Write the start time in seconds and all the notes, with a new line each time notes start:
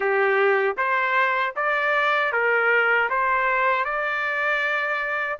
0.00 G4
0.77 C5
1.56 D5
2.32 A#4
3.09 C5
3.84 D5